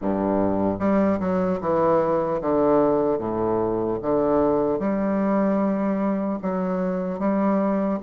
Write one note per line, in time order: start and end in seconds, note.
0.01 0.79 G2
0.79 1.19 G3
1.19 1.59 F#3
1.60 2.40 E3
2.41 3.18 D3
3.18 3.98 A2
4.02 4.79 D3
4.79 6.39 G3
6.41 7.19 F#3
7.19 7.99 G3